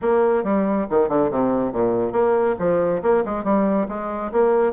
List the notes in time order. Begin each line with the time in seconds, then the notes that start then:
0.01 A#3
0.43 G3
0.89 D#3
1.08 D3
1.31 C3
1.72 A#2
2.12 A#3
2.58 F3
3.02 A#3
3.25 G#3
3.44 G3
3.88 G#3
4.32 A#3